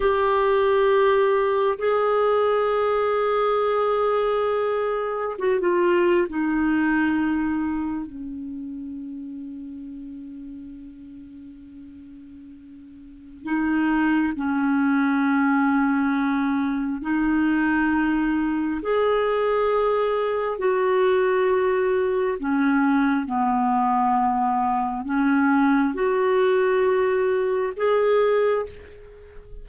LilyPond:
\new Staff \with { instrumentName = "clarinet" } { \time 4/4 \tempo 4 = 67 g'2 gis'2~ | gis'2 fis'16 f'8. dis'4~ | dis'4 cis'2.~ | cis'2. dis'4 |
cis'2. dis'4~ | dis'4 gis'2 fis'4~ | fis'4 cis'4 b2 | cis'4 fis'2 gis'4 | }